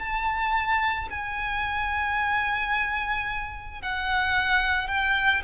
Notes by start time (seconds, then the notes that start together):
0.00 A5
1.11 G#5
3.82 F#5
4.88 G5